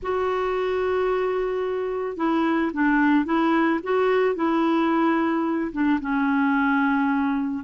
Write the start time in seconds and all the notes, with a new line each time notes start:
0.02 F#4
2.17 E4
2.73 D4
3.25 E4
3.83 F#4
4.35 E4
5.72 D4
6.00 C#4